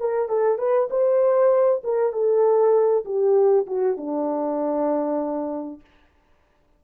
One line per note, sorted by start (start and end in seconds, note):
0.00 0.29 A#4
0.29 0.58 A4
0.58 0.89 B4
0.90 1.82 C5
1.84 2.13 A#4
2.13 3.05 A4
3.05 3.66 G4
3.67 3.97 F#4
3.97 5.81 D4